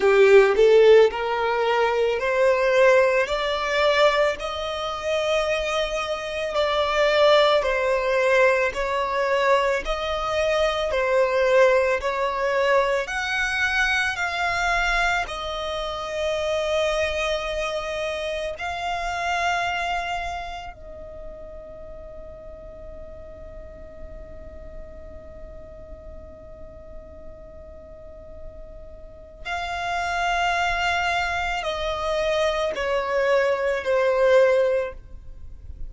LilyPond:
\new Staff \with { instrumentName = "violin" } { \time 4/4 \tempo 4 = 55 g'8 a'8 ais'4 c''4 d''4 | dis''2 d''4 c''4 | cis''4 dis''4 c''4 cis''4 | fis''4 f''4 dis''2~ |
dis''4 f''2 dis''4~ | dis''1~ | dis''2. f''4~ | f''4 dis''4 cis''4 c''4 | }